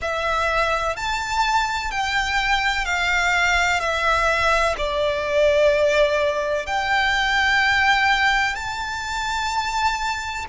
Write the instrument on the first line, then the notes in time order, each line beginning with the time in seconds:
violin
0.01 E5
0.96 A5
1.90 G5
2.85 F5
3.80 E5
4.77 D5
6.66 G5
8.55 A5